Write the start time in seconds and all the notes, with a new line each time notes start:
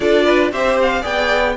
0.00 D4 F4 A4 D5
0.25 B4
0.51 C4 G4 C5 E5
0.81 F5
1.01 B3 G#4 D5 G5